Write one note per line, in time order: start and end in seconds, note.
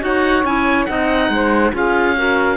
0.00 0.44 D#4
0.00 0.43 F#4
0.00 0.89 C#5
0.00 0.46 F#5
0.44 0.87 C#4
0.44 0.88 E4
0.44 0.86 G#5
0.86 1.30 C4
0.86 1.73 D#4
0.86 1.32 D#5
0.86 1.71 F#5
1.30 1.72 G#3
1.30 1.73 C5
1.73 2.57 C#4
1.73 2.16 F4
1.73 2.16 G#4
1.73 2.57 F5
2.17 2.57 F#4
2.17 2.57 A#4